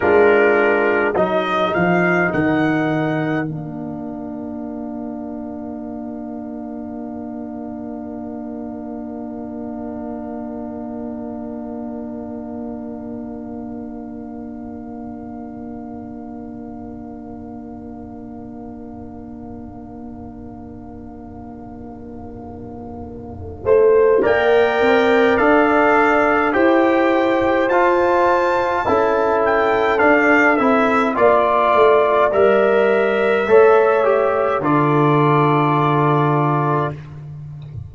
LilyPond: <<
  \new Staff \with { instrumentName = "trumpet" } { \time 4/4 \tempo 4 = 52 ais'4 dis''8 f''8 fis''4 f''4~ | f''1~ | f''1~ | f''1~ |
f''1~ | f''4 g''4 f''4 g''4 | a''4. g''8 f''8 e''8 d''4 | e''2 d''2 | }
  \new Staff \with { instrumentName = "horn" } { \time 4/4 f'4 ais'2.~ | ais'1~ | ais'1~ | ais'1~ |
ais'1~ | ais'8 c''8 d''2 c''4~ | c''4 a'2 d''4~ | d''4 cis''4 a'2 | }
  \new Staff \with { instrumentName = "trombone" } { \time 4/4 d'4 dis'2 d'4~ | d'1~ | d'1~ | d'1~ |
d'1~ | d'4 ais'4 a'4 g'4 | f'4 e'4 d'8 e'8 f'4 | ais'4 a'8 g'8 f'2 | }
  \new Staff \with { instrumentName = "tuba" } { \time 4/4 gis4 fis8 f8 dis4 ais4~ | ais1~ | ais1~ | ais1~ |
ais1~ | ais8 a8 ais8 c'8 d'4 e'4 | f'4 cis'4 d'8 c'8 ais8 a8 | g4 a4 d2 | }
>>